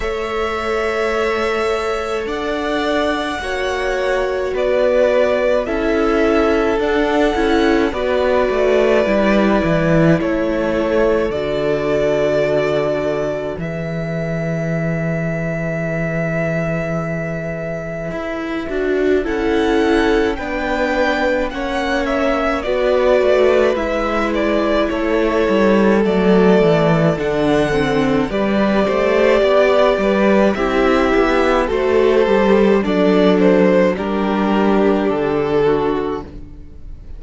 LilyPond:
<<
  \new Staff \with { instrumentName = "violin" } { \time 4/4 \tempo 4 = 53 e''2 fis''2 | d''4 e''4 fis''4 d''4~ | d''4 cis''4 d''2 | e''1~ |
e''4 fis''4 g''4 fis''8 e''8 | d''4 e''8 d''8 cis''4 d''4 | fis''4 d''2 e''4 | c''4 d''8 c''8 ais'4 a'4 | }
  \new Staff \with { instrumentName = "violin" } { \time 4/4 cis''2 d''4 cis''4 | b'4 a'2 b'4~ | b'4 a'2. | b'1~ |
b'4 a'4 b'4 cis''4 | b'2 a'2~ | a'4 b'8 c''8 d''8 b'8 g'4 | a'4 d'4 g'4. fis'8 | }
  \new Staff \with { instrumentName = "viola" } { \time 4/4 a'2. fis'4~ | fis'4 e'4 d'8 e'8 fis'4 | e'2 fis'2 | gis'1~ |
gis'8 fis'8 e'4 d'4 cis'4 | fis'4 e'2 a4 | d'8 c'8 g'2 e'4 | fis'8 g'8 a'4 d'2 | }
  \new Staff \with { instrumentName = "cello" } { \time 4/4 a2 d'4 ais4 | b4 cis'4 d'8 cis'8 b8 a8 | g8 e8 a4 d2 | e1 |
e'8 d'8 cis'4 b4 ais4 | b8 a8 gis4 a8 g8 fis8 e8 | d4 g8 a8 b8 g8 c'8 b8 | a8 g8 fis4 g4 d4 | }
>>